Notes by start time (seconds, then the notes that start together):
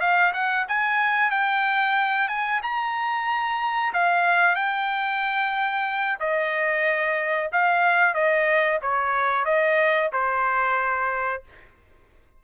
0.00 F5
0.33 F#5
0.68 G#5
1.30 G5
2.28 G#5
2.62 A#5
3.93 F5
4.55 G5
6.20 D#5
7.52 F5
8.14 D#5
8.81 C#5
9.45 D#5
10.13 C5